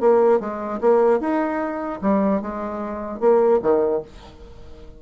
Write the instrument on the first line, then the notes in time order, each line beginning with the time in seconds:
bassoon
0.00 A#3
0.40 G#3
0.81 A#3
1.20 D#4
2.02 G3
2.41 G#3
3.20 A#3
3.62 D#3